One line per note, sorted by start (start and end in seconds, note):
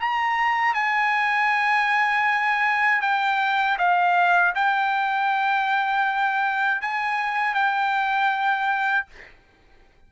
0.00 0.75 A#5
0.75 3.02 G#5
3.02 3.78 G5
3.78 4.54 F5
4.55 6.82 G5
6.82 7.55 G#5
7.55 9.07 G5